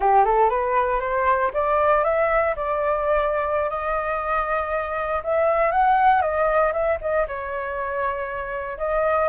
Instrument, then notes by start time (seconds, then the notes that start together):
flute
0.00 G4
0.24 A4
0.49 B4
1.00 C5
1.53 D5
2.04 E5
2.56 D5
3.69 D#5
5.23 E5
5.71 F#5
6.21 D#5
6.72 E5
7.01 D#5
7.27 C#5
8.78 D#5